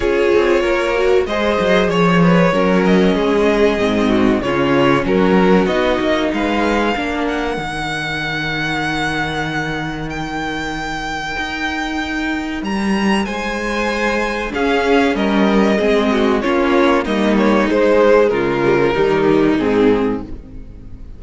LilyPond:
<<
  \new Staff \with { instrumentName = "violin" } { \time 4/4 \tempo 4 = 95 cis''2 dis''4 cis''4~ | cis''8 dis''2~ dis''8 cis''4 | ais'4 dis''4 f''4. fis''8~ | fis''1 |
g''1 | ais''4 gis''2 f''4 | dis''2 cis''4 dis''8 cis''8 | c''4 ais'2 gis'4 | }
  \new Staff \with { instrumentName = "violin" } { \time 4/4 gis'4 ais'4 c''4 cis''8 b'8 | ais'4 gis'4. fis'8 f'4 | fis'2 b'4 ais'4~ | ais'1~ |
ais'1~ | ais'4 c''2 gis'4 | ais'4 gis'8 fis'8 f'4 dis'4~ | dis'4 f'4 dis'2 | }
  \new Staff \with { instrumentName = "viola" } { \time 4/4 f'4. fis'8 gis'2 | cis'2 c'4 cis'4~ | cis'4 dis'2 d'4 | dis'1~ |
dis'1~ | dis'2. cis'4~ | cis'4 c'4 cis'4 ais4 | gis4. g16 f16 g4 c'4 | }
  \new Staff \with { instrumentName = "cello" } { \time 4/4 cis'8 c'8 ais4 gis8 fis8 f4 | fis4 gis4 gis,4 cis4 | fis4 b8 ais8 gis4 ais4 | dis1~ |
dis2 dis'2 | g4 gis2 cis'4 | g4 gis4 ais4 g4 | gis4 cis4 dis4 gis,4 | }
>>